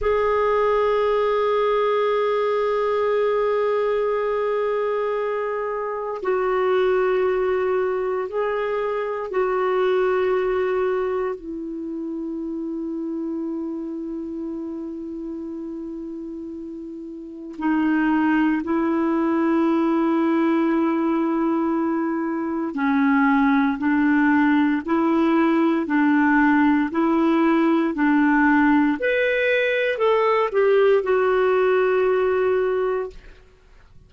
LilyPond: \new Staff \with { instrumentName = "clarinet" } { \time 4/4 \tempo 4 = 58 gis'1~ | gis'2 fis'2 | gis'4 fis'2 e'4~ | e'1~ |
e'4 dis'4 e'2~ | e'2 cis'4 d'4 | e'4 d'4 e'4 d'4 | b'4 a'8 g'8 fis'2 | }